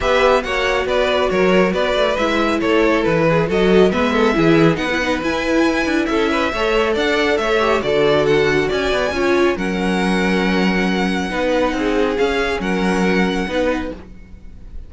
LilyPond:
<<
  \new Staff \with { instrumentName = "violin" } { \time 4/4 \tempo 4 = 138 e''4 fis''4 d''4 cis''4 | d''4 e''4 cis''4 b'4 | dis''4 e''2 fis''4 | gis''2 e''2 |
fis''4 e''4 d''4 fis''4 | gis''2 fis''2~ | fis''1 | f''4 fis''2. | }
  \new Staff \with { instrumentName = "violin" } { \time 4/4 b'4 cis''4 b'4 ais'4 | b'2 a'4. gis'8 | a'4 b'8 a'8 gis'4 b'4~ | b'2 a'8 b'8 cis''4 |
d''4 cis''4 a'2 | d''4 cis''4 ais'2~ | ais'2 b'4 gis'4~ | gis'4 ais'2 b'4 | }
  \new Staff \with { instrumentName = "viola" } { \time 4/4 g'4 fis'2.~ | fis'4 e'2. | fis'4 b4 e'4 dis'16 e'16 dis'8 | e'2. a'4~ |
a'4. g'8 fis'2~ | fis'4 f'4 cis'2~ | cis'2 dis'2 | cis'2. dis'4 | }
  \new Staff \with { instrumentName = "cello" } { \time 4/4 b4 ais4 b4 fis4 | b8 a8 gis4 a4 e4 | fis4 gis4 e4 b4 | e'4. d'8 cis'4 a4 |
d'4 a4 d2 | cis'8 b8 cis'4 fis2~ | fis2 b4 c'4 | cis'4 fis2 b4 | }
>>